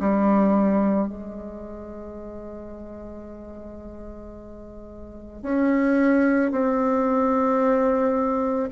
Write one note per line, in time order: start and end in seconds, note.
0.00 1.08 G3
1.08 5.43 G#3
5.43 6.52 C#4
6.52 8.70 C4